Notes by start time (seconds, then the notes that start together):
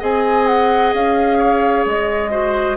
0.00 C4 G#4 D#5 G#5
0.47 F#5
0.94 C#4 F5
1.38 C#5
1.86 G#3 D#5
2.30 F#4 C5